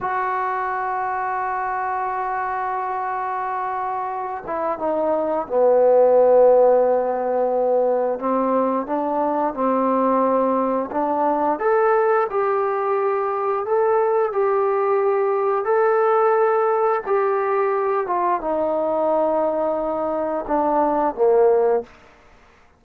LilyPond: \new Staff \with { instrumentName = "trombone" } { \time 4/4 \tempo 4 = 88 fis'1~ | fis'2~ fis'8 e'8 dis'4 | b1 | c'4 d'4 c'2 |
d'4 a'4 g'2 | a'4 g'2 a'4~ | a'4 g'4. f'8 dis'4~ | dis'2 d'4 ais4 | }